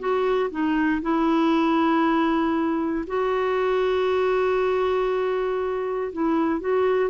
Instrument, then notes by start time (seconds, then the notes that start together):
clarinet
0.00 F#4
0.51 D#4
1.02 E4
3.07 F#4
6.13 E4
6.61 F#4